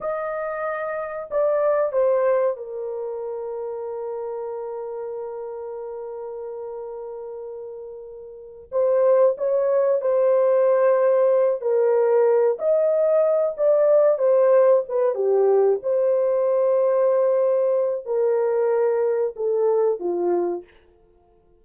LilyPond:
\new Staff \with { instrumentName = "horn" } { \time 4/4 \tempo 4 = 93 dis''2 d''4 c''4 | ais'1~ | ais'1~ | ais'4. c''4 cis''4 c''8~ |
c''2 ais'4. dis''8~ | dis''4 d''4 c''4 b'8 g'8~ | g'8 c''2.~ c''8 | ais'2 a'4 f'4 | }